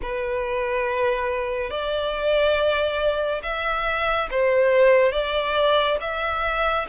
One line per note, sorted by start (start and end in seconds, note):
0.02 1.70 B4
1.70 3.41 D5
3.42 4.28 E5
4.31 5.12 C5
5.12 5.97 D5
6.00 6.86 E5